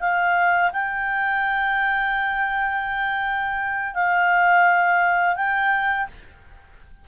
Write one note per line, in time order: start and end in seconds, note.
0.00 0.71 F5
0.73 3.94 G5
3.94 5.36 F5
5.36 6.07 G5